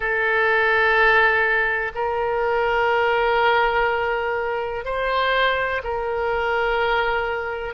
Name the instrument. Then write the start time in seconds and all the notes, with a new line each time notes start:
oboe
0.00 A4
1.94 A#4
4.84 C5
5.83 A#4